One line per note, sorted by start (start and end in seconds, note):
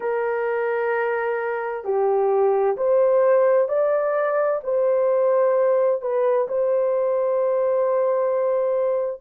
0.00 1.84 A#4
1.84 2.76 G4
2.77 3.68 C5
3.68 4.60 D5
4.63 6.01 C5
6.01 6.47 B4
6.48 9.21 C5